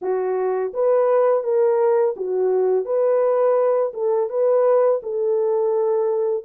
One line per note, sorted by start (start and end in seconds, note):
0.01 0.72 F#4
0.73 1.43 B4
1.43 2.14 A#4
2.16 2.85 F#4
2.85 3.92 B4
3.93 4.29 A4
4.29 5.00 B4
5.03 6.44 A4